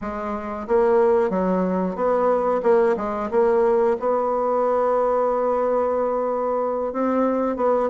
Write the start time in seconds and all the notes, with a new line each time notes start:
0.01 G#3
0.67 A#3
1.29 F#3
1.95 B3
2.63 A#3
2.97 G#3
3.30 A#3
3.99 B3
6.93 C4
7.56 B3